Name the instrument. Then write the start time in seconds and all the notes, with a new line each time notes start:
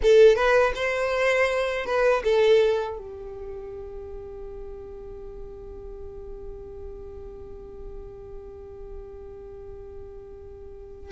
violin
0.02 A4
0.35 B4
0.75 C5
1.85 B4
2.24 A4
2.98 G4